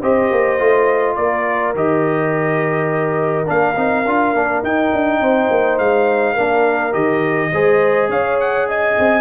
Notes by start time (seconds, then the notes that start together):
0.00 C4 G4 C5 D#5
0.32 A#3
0.60 A3 F4
1.16 A#3 A#4 D5
1.75 D#3 G4 D#5
3.46 A#3 D4 F5
3.76 C4 D#4
4.06 D4 F4
4.34 A#3 D4
4.63 D#4 G5
4.93 D4
5.20 C4 C5
5.50 A#3
5.79 G#3 F5
6.34 A#3 D4 A#4
6.93 D#3 G4 D#5
7.53 G#3 G#4 C5
8.09 C#4 C#5 F5
8.40 F#5
8.69 D#5 G#5
8.99 C4